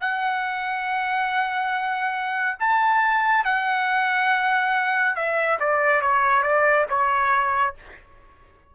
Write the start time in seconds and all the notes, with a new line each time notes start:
0.00 F#5
2.59 A5
3.44 F#5
5.15 E5
5.59 D5
6.01 C#5
6.43 D5
6.89 C#5